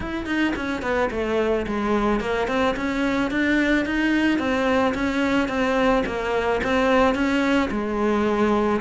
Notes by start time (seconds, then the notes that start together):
0.00 E4
0.26 D#4
0.56 C#4
0.82 B3
1.10 A3
1.67 G#3
2.20 A#3
2.47 C4
2.76 C#4
3.30 D4
3.85 D#4
4.38 C4
4.94 C#4
5.48 C4
6.06 A#3
6.63 C4
7.14 C#4
7.70 G#3